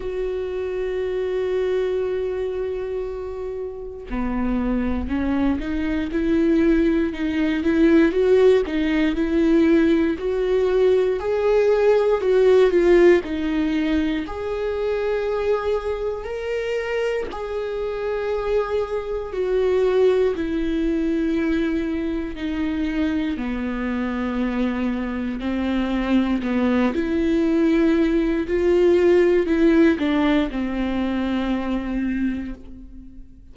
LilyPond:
\new Staff \with { instrumentName = "viola" } { \time 4/4 \tempo 4 = 59 fis'1 | b4 cis'8 dis'8 e'4 dis'8 e'8 | fis'8 dis'8 e'4 fis'4 gis'4 | fis'8 f'8 dis'4 gis'2 |
ais'4 gis'2 fis'4 | e'2 dis'4 b4~ | b4 c'4 b8 e'4. | f'4 e'8 d'8 c'2 | }